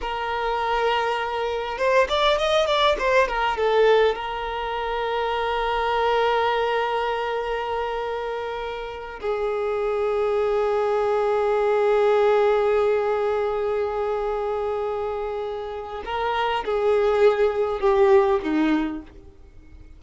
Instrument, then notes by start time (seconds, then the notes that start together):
violin
0.01 A#4
1.77 C5
2.08 D5
2.38 D#5
2.66 D5
2.98 C5
3.28 A#4
3.57 A4
4.15 A#4
9.20 G#4
16.05 A#4
16.64 G#4
17.80 G4
18.42 D#4